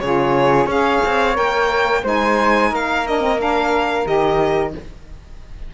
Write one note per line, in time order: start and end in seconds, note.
0.00 0.66 C#3
0.00 0.68 F4
0.00 0.66 G#4
0.00 0.67 C#5
0.66 1.00 C#4
0.66 1.34 G#4
0.66 2.01 C#5
0.66 1.37 F5
1.06 1.38 C4
1.34 2.04 A#3
1.34 2.01 A#4
1.34 2.04 G5
2.03 2.71 G#3
2.03 3.05 D#4
2.03 2.70 C5
2.03 2.75 G#5
2.71 4.06 A#3
2.71 4.74 A#4
2.71 3.07 F5
3.06 3.21 D4
3.06 3.41 D#5
3.21 3.38 C4
3.38 4.05 D4
3.38 4.07 F5
4.05 4.74 D#3
4.05 4.73 G4
4.05 4.74 D#5